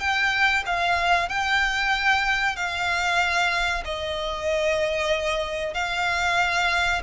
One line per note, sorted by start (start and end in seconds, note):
0.00 0.64 G5
0.66 1.29 F5
1.29 2.56 G5
2.56 3.84 F5
3.85 5.74 D#5
5.74 7.02 F5